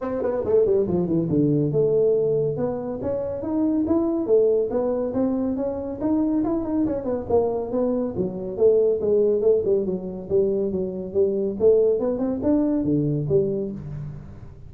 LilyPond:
\new Staff \with { instrumentName = "tuba" } { \time 4/4 \tempo 4 = 140 c'8 b8 a8 g8 f8 e8 d4 | a2 b4 cis'4 | dis'4 e'4 a4 b4 | c'4 cis'4 dis'4 e'8 dis'8 |
cis'8 b8 ais4 b4 fis4 | a4 gis4 a8 g8 fis4 | g4 fis4 g4 a4 | b8 c'8 d'4 d4 g4 | }